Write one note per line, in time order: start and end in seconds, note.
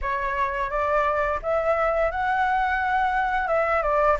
0.01 0.70 C#5
0.70 1.40 D5
1.42 2.11 E5
2.11 3.47 F#5
3.47 3.82 E5
3.82 4.17 D5